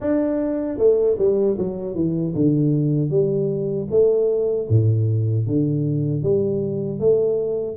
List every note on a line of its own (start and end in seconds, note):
0.00 0.78 D4
0.78 1.17 A3
1.18 1.57 G3
1.58 1.94 F#3
1.94 2.33 E3
2.34 3.10 D3
3.10 3.87 G3
3.90 4.68 A3
4.69 5.47 A2
5.47 6.22 D3
6.22 6.99 G3
6.99 7.76 A3